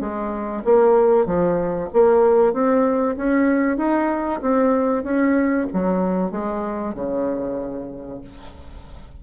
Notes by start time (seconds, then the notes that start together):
0.00 G#3
0.64 A#3
1.26 F3
1.93 A#3
2.53 C4
3.17 C#4
3.77 D#4
4.41 C4
5.04 C#4
5.73 F#3
6.31 G#3
6.94 C#3